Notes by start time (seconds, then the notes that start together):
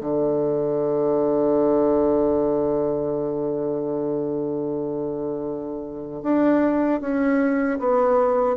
0.00 D3
6.23 D4
7.01 C#4
7.79 B3